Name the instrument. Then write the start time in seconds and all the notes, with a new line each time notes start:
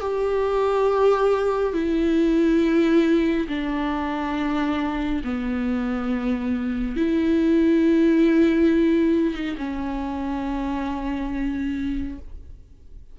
viola
0.00 G4
1.73 E4
3.48 D4
5.23 B3
6.96 E4
9.34 D#4
9.57 C#4